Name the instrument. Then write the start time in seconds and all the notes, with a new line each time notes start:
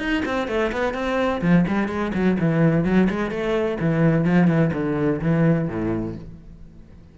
cello
0.00 D#4
0.26 C4
0.48 A3
0.73 B3
0.94 C4
1.42 F3
1.68 G3
1.89 G#3
2.15 F#3
2.40 E3
2.85 F#3
3.10 G#3
3.31 A3
3.81 E3
4.25 F3
4.48 E3
4.74 D3
5.22 E3
5.69 A2